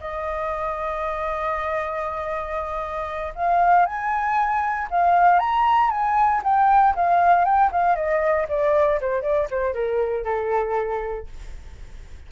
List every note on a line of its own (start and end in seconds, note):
0.00 3.33 D#5
3.35 3.86 F5
3.86 4.88 G#5
4.90 5.39 F5
5.39 5.90 A#5
5.90 6.41 G#5
6.44 6.95 G5
6.95 7.45 F5
7.45 7.70 G5
7.72 7.95 F5
7.95 8.47 D#5
8.48 9.00 D5
9.01 9.22 C5
9.22 9.48 D5
9.50 9.73 C5
9.73 10.24 A#4
10.24 11.27 A4